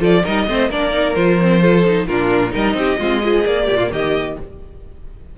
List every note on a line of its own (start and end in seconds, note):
0.00 0.24 F3
0.00 0.23 F4
0.00 0.23 A4
0.00 0.26 D5
0.24 0.48 G3
0.24 0.48 D#4
0.24 0.47 A#4
0.24 0.72 D#5
0.48 0.70 A3
0.48 0.71 C4
0.48 0.71 C5
0.70 1.16 A#3
0.70 0.92 D4
0.70 1.62 A#4
0.70 1.15 D5
0.92 1.15 D#4
1.15 2.08 F3
1.15 1.40 F4
1.15 2.07 C5
1.42 1.62 C4
1.62 1.85 F4
1.62 2.08 A4
1.86 2.09 D#4
2.07 2.55 A#2
2.07 2.51 D4
2.07 2.53 F4
2.07 2.53 A#4
2.51 2.74 G3
2.51 2.97 D#4
2.51 2.76 A#4
2.51 3.46 D#5
2.74 2.97 C4
2.74 3.00 G4
2.99 3.45 G#3
2.99 3.24 C4
2.99 3.23 F4
3.24 3.46 F3
3.24 3.67 G#4
3.46 4.38 A#3
3.46 3.69 A#3
3.46 3.92 D5
3.67 3.91 A#2
3.67 3.78 G4
3.78 3.89 F4
3.91 4.37 D#3
3.91 4.39 G4
3.91 4.39 D#5